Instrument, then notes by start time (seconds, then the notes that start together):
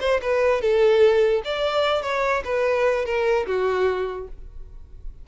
violin
0.00 C5
0.22 B4
0.61 A4
1.44 D5
2.02 C#5
2.44 B4
3.05 A#4
3.46 F#4